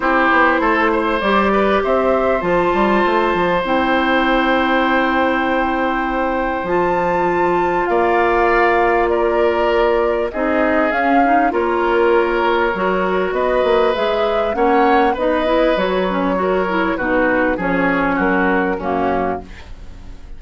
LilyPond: <<
  \new Staff \with { instrumentName = "flute" } { \time 4/4 \tempo 4 = 99 c''2 d''4 e''4 | a''2 g''2~ | g''2. a''4~ | a''4 f''2 d''4~ |
d''4 dis''4 f''4 cis''4~ | cis''2 dis''4 e''4 | fis''4 dis''4 cis''2 | b'4 cis''4 ais'4 fis'4 | }
  \new Staff \with { instrumentName = "oboe" } { \time 4/4 g'4 a'8 c''4 b'8 c''4~ | c''1~ | c''1~ | c''4 d''2 ais'4~ |
ais'4 gis'2 ais'4~ | ais'2 b'2 | cis''4 b'2 ais'4 | fis'4 gis'4 fis'4 cis'4 | }
  \new Staff \with { instrumentName = "clarinet" } { \time 4/4 e'2 g'2 | f'2 e'2~ | e'2. f'4~ | f'1~ |
f'4 dis'4 cis'8 dis'8 f'4~ | f'4 fis'2 gis'4 | cis'4 dis'8 e'8 fis'8 cis'8 fis'8 e'8 | dis'4 cis'2 ais4 | }
  \new Staff \with { instrumentName = "bassoon" } { \time 4/4 c'8 b8 a4 g4 c'4 | f8 g8 a8 f8 c'2~ | c'2. f4~ | f4 ais2.~ |
ais4 c'4 cis'4 ais4~ | ais4 fis4 b8 ais8 gis4 | ais4 b4 fis2 | b,4 f4 fis4 fis,4 | }
>>